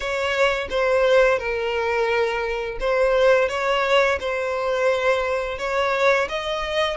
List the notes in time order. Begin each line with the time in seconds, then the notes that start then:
0.00 C#5
0.70 C5
1.38 A#4
2.80 C5
3.49 C#5
4.20 C5
5.58 C#5
6.28 D#5